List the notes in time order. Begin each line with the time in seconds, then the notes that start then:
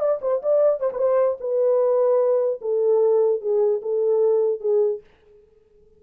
0.00 D5
0.22 C5
0.43 D5
0.80 C5
0.93 B4 C5
1.41 B4
2.61 A4
3.41 G#4
3.82 A4
4.61 G#4